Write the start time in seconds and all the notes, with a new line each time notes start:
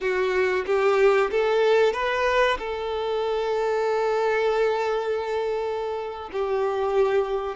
0.00 F#4
0.65 G4
1.30 A4
1.93 B4
2.58 A4
6.32 G4